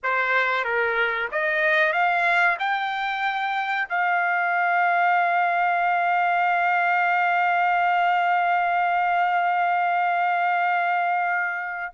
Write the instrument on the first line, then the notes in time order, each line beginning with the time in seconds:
trumpet
0.03 C5
0.64 A#4
1.31 D#5
1.92 F5
2.59 G5
3.89 F5